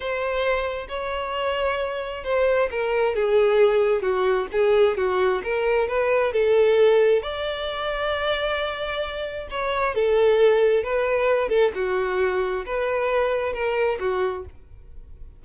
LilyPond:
\new Staff \with { instrumentName = "violin" } { \time 4/4 \tempo 4 = 133 c''2 cis''2~ | cis''4 c''4 ais'4 gis'4~ | gis'4 fis'4 gis'4 fis'4 | ais'4 b'4 a'2 |
d''1~ | d''4 cis''4 a'2 | b'4. a'8 fis'2 | b'2 ais'4 fis'4 | }